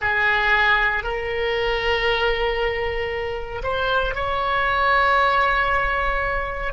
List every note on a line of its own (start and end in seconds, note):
0.00 1.03 G#4
1.03 3.62 A#4
3.63 4.14 C5
4.14 6.73 C#5